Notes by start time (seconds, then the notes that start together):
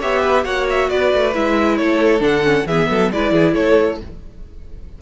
0.00 B3 G4 C#5 E5
0.20 B4
0.44 A#3 F#4 C#5 F#5
0.70 E5
0.90 B3 B4 D5
1.14 A3
1.34 G#3 E4 E5
1.77 A3 A4 C#5
2.20 D3 D4 F#5
2.44 C#4
2.66 E3 B3 G#4 E5
2.90 F#3 A4
3.11 G#3 E4 B4 D5
3.32 E3 G#4
3.54 A3 A4 C#5